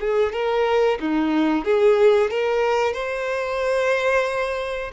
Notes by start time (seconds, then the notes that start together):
0.00 G#4
0.32 A#4
1.00 D#4
1.65 G#4
2.30 A#4
2.93 C5